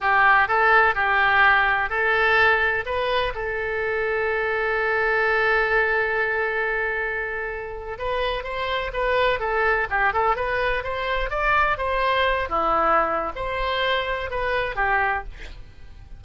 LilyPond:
\new Staff \with { instrumentName = "oboe" } { \time 4/4 \tempo 4 = 126 g'4 a'4 g'2 | a'2 b'4 a'4~ | a'1~ | a'1~ |
a'8. b'4 c''4 b'4 a'16~ | a'8. g'8 a'8 b'4 c''4 d''16~ | d''8. c''4. e'4.~ e'16 | c''2 b'4 g'4 | }